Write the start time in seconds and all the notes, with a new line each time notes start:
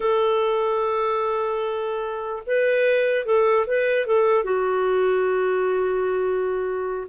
0.00 A4
2.46 B4
3.25 A4
3.66 B4
4.06 A4
4.43 F#4